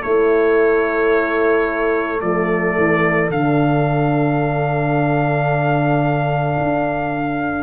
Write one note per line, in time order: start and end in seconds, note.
0.00 2.21 A3
0.00 2.21 E4
0.00 7.62 A4
0.00 2.20 C#5
2.21 2.76 F3
2.21 3.30 A3
2.21 3.30 D5
2.78 3.30 E3
3.30 6.57 D3
3.30 7.62 D4
3.30 7.62 F5
6.58 7.62 D4